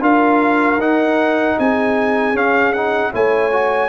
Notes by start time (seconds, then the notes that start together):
0.00 D4 F4 A#4 F5
0.77 D#4 F#5
1.58 C4 G#4 G#5
2.34 C#4 F5
2.72 D#4 F#5
3.12 A3 E4 C#5 G#5
3.52 F#4